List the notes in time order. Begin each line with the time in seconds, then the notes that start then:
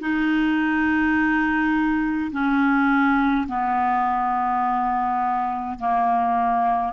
0.00 D#4
2.31 C#4
3.48 B3
5.79 A#3